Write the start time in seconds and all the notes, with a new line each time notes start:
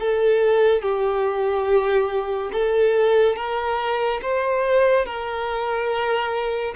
0.00 A4
0.82 G4
2.52 A4
3.36 A#4
4.22 C5
5.06 A#4